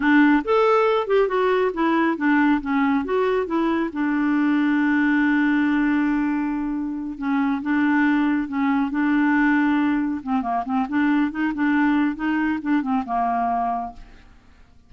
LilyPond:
\new Staff \with { instrumentName = "clarinet" } { \time 4/4 \tempo 4 = 138 d'4 a'4. g'8 fis'4 | e'4 d'4 cis'4 fis'4 | e'4 d'2.~ | d'1~ |
d'8 cis'4 d'2 cis'8~ | cis'8 d'2. c'8 | ais8 c'8 d'4 dis'8 d'4. | dis'4 d'8 c'8 ais2 | }